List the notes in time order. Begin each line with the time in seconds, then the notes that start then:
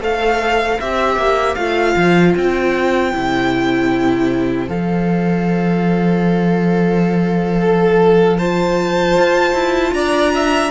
0.00 A3 A4 C5 F5
0.80 C4 G4 E5
1.16 A#3
1.55 A3 F4 F5
1.96 F3
2.36 C4 G5
3.13 C3 E4
4.68 F3 A4 F5
7.60 A4
8.38 F4 C5 A5
9.17 F4
9.53 E4
9.93 D4 D5 A#5
10.34 E5